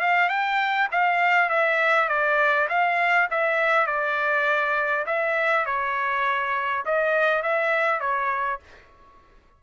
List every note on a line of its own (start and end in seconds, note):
0.00 0.29 F5
0.29 0.88 G5
0.91 1.49 F5
1.49 2.08 E5
2.08 2.68 D5
2.69 3.28 F5
3.30 3.87 E5
3.87 5.05 D5
5.06 5.65 E5
5.65 6.84 C#5
6.85 7.43 D#5
7.43 8.00 E5
8.00 8.59 C#5